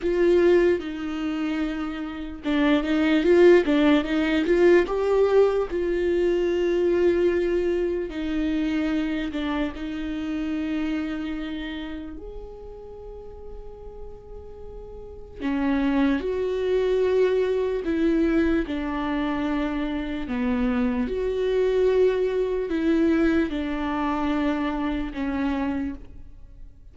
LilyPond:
\new Staff \with { instrumentName = "viola" } { \time 4/4 \tempo 4 = 74 f'4 dis'2 d'8 dis'8 | f'8 d'8 dis'8 f'8 g'4 f'4~ | f'2 dis'4. d'8 | dis'2. gis'4~ |
gis'2. cis'4 | fis'2 e'4 d'4~ | d'4 b4 fis'2 | e'4 d'2 cis'4 | }